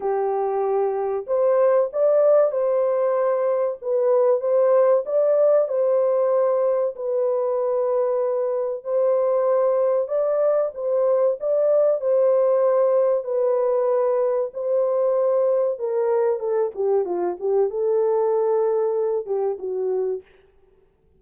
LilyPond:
\new Staff \with { instrumentName = "horn" } { \time 4/4 \tempo 4 = 95 g'2 c''4 d''4 | c''2 b'4 c''4 | d''4 c''2 b'4~ | b'2 c''2 |
d''4 c''4 d''4 c''4~ | c''4 b'2 c''4~ | c''4 ais'4 a'8 g'8 f'8 g'8 | a'2~ a'8 g'8 fis'4 | }